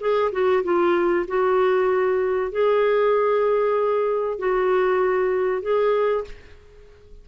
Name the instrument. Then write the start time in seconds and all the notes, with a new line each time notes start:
clarinet
0.00 G#4
0.32 F#4
0.63 F4
1.27 F#4
2.51 G#4
4.38 F#4
5.62 G#4